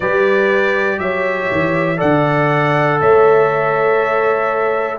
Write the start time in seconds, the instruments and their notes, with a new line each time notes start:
0.00 tuba G3, trombone G4, horn B4, trumpet D5
0.98 tuba F#3, horn C#5, trumpet E5
1.51 tuba E3
1.96 tuba D3, trombone A4, horn D5, trumpet F#5
3.00 tuba A3, horn C#5, trumpet E5